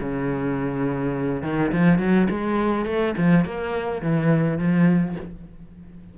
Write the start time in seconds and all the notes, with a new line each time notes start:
0.00 C#3
1.43 D#3
1.72 F3
1.99 F#3
2.30 G#3
2.86 A3
3.18 F3
3.45 A#3
4.02 E3
4.58 F3